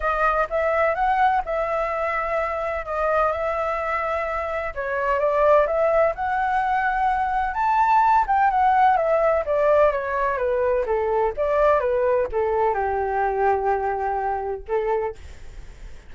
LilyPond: \new Staff \with { instrumentName = "flute" } { \time 4/4 \tempo 4 = 127 dis''4 e''4 fis''4 e''4~ | e''2 dis''4 e''4~ | e''2 cis''4 d''4 | e''4 fis''2. |
a''4. g''8 fis''4 e''4 | d''4 cis''4 b'4 a'4 | d''4 b'4 a'4 g'4~ | g'2. a'4 | }